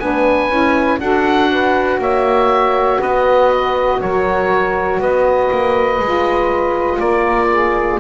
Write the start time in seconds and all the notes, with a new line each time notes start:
0.00 B3 D4 B4 G#5
0.50 C#4 E4
1.00 D4 F#4 A4 F#5
1.51 B4
1.99 A#3 C#5 E5
3.00 B3 B4 D#5
4.01 F#3 A#4 C#5
5.00 B3 B4 D#5
5.51 A#3
6.00 G#3 F4
6.98 A#3 A#4 D5
7.51 G#4